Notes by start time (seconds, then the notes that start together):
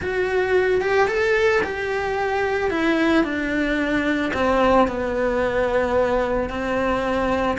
0.01 F#4
0.81 G4
1.07 A4
1.63 G4
2.70 E4
3.23 D4
4.33 C4
4.87 B3
6.49 C4